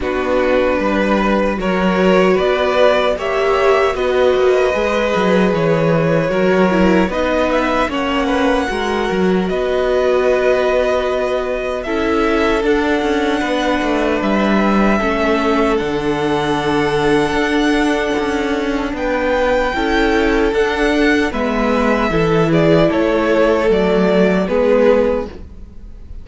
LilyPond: <<
  \new Staff \with { instrumentName = "violin" } { \time 4/4 \tempo 4 = 76 b'2 cis''4 d''4 | e''4 dis''2 cis''4~ | cis''4 dis''8 e''8 fis''2 | dis''2. e''4 |
fis''2 e''2 | fis''1 | g''2 fis''4 e''4~ | e''8 d''8 cis''4 d''4 b'4 | }
  \new Staff \with { instrumentName = "violin" } { \time 4/4 fis'4 b'4 ais'4 b'4 | cis''4 b'2. | ais'4 b'4 cis''8 b'8 ais'4 | b'2. a'4~ |
a'4 b'2 a'4~ | a'1 | b'4 a'2 b'4 | a'8 gis'8 a'2 gis'4 | }
  \new Staff \with { instrumentName = "viola" } { \time 4/4 d'2 fis'2 | g'4 fis'4 gis'2 | fis'8 e'8 dis'4 cis'4 fis'4~ | fis'2. e'4 |
d'2. cis'4 | d'1~ | d'4 e'4 d'4 b4 | e'2 a4 b4 | }
  \new Staff \with { instrumentName = "cello" } { \time 4/4 b4 g4 fis4 b4 | ais4 b8 ais8 gis8 fis8 e4 | fis4 b4 ais4 gis8 fis8 | b2. cis'4 |
d'8 cis'8 b8 a8 g4 a4 | d2 d'4 cis'4 | b4 cis'4 d'4 gis4 | e4 a4 fis4 gis4 | }
>>